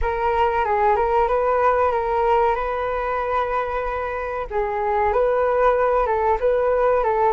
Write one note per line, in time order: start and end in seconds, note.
0.01 0.64 A#4
0.64 0.96 G#4
0.96 1.28 A#4
1.28 1.91 B4
1.91 2.55 A#4
2.55 4.46 B4
4.50 5.12 G#4
5.12 6.06 B4
6.06 6.38 A4
6.40 7.03 B4
7.03 7.33 A4